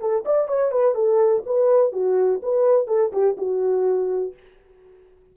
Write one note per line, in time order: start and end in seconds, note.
0.00 0.24 A4
0.26 0.48 D5
0.48 0.72 C#5
0.72 0.95 B4
0.95 1.43 A4
1.46 1.92 B4
1.92 2.41 F#4
2.43 2.87 B4
2.87 3.12 A4
3.13 3.37 G4
3.37 4.34 F#4